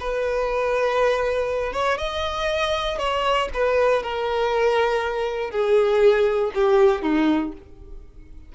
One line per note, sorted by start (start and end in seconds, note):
0.00 1.73 B4
1.73 1.98 C#5
1.98 2.99 D#5
2.99 3.49 C#5
3.54 4.03 B4
4.03 5.51 A#4
5.51 6.52 G#4
6.55 7.02 G4
7.02 7.53 D#4